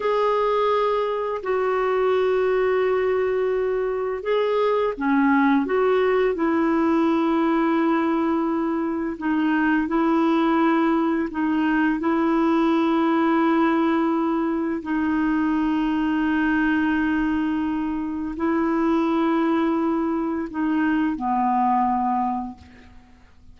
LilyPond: \new Staff \with { instrumentName = "clarinet" } { \time 4/4 \tempo 4 = 85 gis'2 fis'2~ | fis'2 gis'4 cis'4 | fis'4 e'2.~ | e'4 dis'4 e'2 |
dis'4 e'2.~ | e'4 dis'2.~ | dis'2 e'2~ | e'4 dis'4 b2 | }